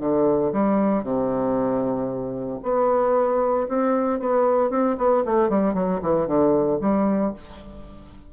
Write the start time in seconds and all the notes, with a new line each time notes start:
0.00 D3
0.53 G3
1.03 C3
2.63 B3
3.69 C4
4.20 B3
4.70 C4
4.98 B3
5.25 A3
5.49 G3
5.74 F#3
6.02 E3
6.27 D3
6.81 G3